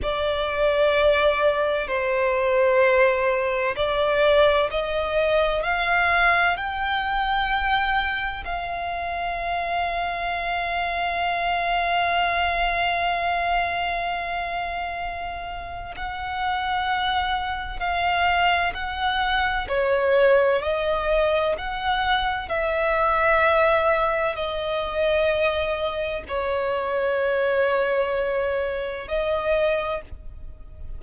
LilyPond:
\new Staff \with { instrumentName = "violin" } { \time 4/4 \tempo 4 = 64 d''2 c''2 | d''4 dis''4 f''4 g''4~ | g''4 f''2.~ | f''1~ |
f''4 fis''2 f''4 | fis''4 cis''4 dis''4 fis''4 | e''2 dis''2 | cis''2. dis''4 | }